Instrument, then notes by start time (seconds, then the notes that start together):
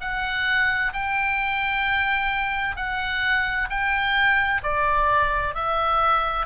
oboe
0.00 F#5
0.93 G5
2.76 F#5
3.69 G5
4.63 D5
5.54 E5